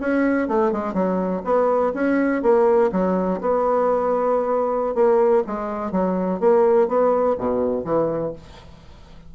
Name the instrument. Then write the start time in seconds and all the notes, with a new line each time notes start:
bassoon
0.00 C#4
0.48 A3
0.72 G#3
0.93 F#3
1.44 B3
1.94 C#4
2.42 A#3
2.92 F#3
3.40 B3
4.94 A#3
5.47 G#3
5.91 F#3
6.40 A#3
6.88 B3
7.38 B2
7.84 E3